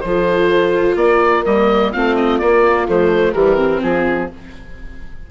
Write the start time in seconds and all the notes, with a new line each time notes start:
0.00 F3 F4 A4 C5
0.95 A#3 A#4 D5
1.45 G3 A#3 D#5
1.92 A3 C4 F4 F5
2.15 D#5
2.38 A#3 D5
2.87 F3 A3 C5
3.33 E3 G3 G4 A#4
3.56 C4
3.82 F3 F4 G#4